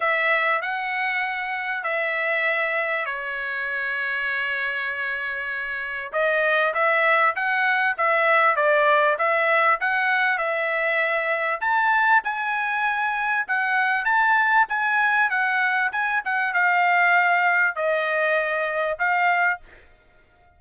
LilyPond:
\new Staff \with { instrumentName = "trumpet" } { \time 4/4 \tempo 4 = 98 e''4 fis''2 e''4~ | e''4 cis''2.~ | cis''2 dis''4 e''4 | fis''4 e''4 d''4 e''4 |
fis''4 e''2 a''4 | gis''2 fis''4 a''4 | gis''4 fis''4 gis''8 fis''8 f''4~ | f''4 dis''2 f''4 | }